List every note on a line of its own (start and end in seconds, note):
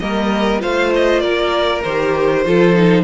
0.00 0.63 G3
0.00 0.60 A#3
0.00 0.61 A#4
0.00 0.61 D#5
0.60 1.23 A3
0.60 1.83 F4
0.60 1.23 C5
0.60 0.93 F5
0.95 1.20 D#5
1.20 1.85 A#3
1.20 2.45 A#4
1.20 1.82 D5
1.83 2.46 D#3
1.83 2.45 G4
1.83 3.04 C5
2.45 3.04 F3
2.45 2.74 F4
2.45 3.04 A4
2.74 3.04 D#4